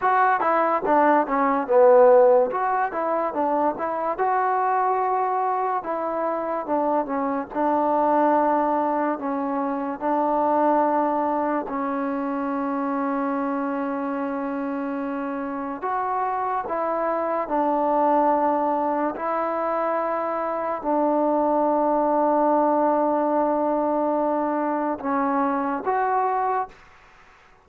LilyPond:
\new Staff \with { instrumentName = "trombone" } { \time 4/4 \tempo 4 = 72 fis'8 e'8 d'8 cis'8 b4 fis'8 e'8 | d'8 e'8 fis'2 e'4 | d'8 cis'8 d'2 cis'4 | d'2 cis'2~ |
cis'2. fis'4 | e'4 d'2 e'4~ | e'4 d'2.~ | d'2 cis'4 fis'4 | }